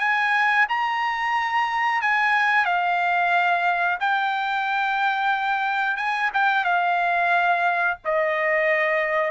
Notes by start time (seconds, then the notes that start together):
0.00 G#5
0.69 A#5
2.02 G#5
2.65 F5
4.00 G5
5.97 G#5
6.34 G5
6.65 F5
8.05 D#5